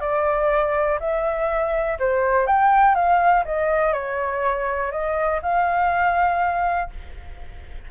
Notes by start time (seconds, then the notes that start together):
0.00 D5
0.99 E5
1.99 C5
2.46 G5
2.95 F5
3.45 D#5
3.93 C#5
4.91 D#5
5.42 F5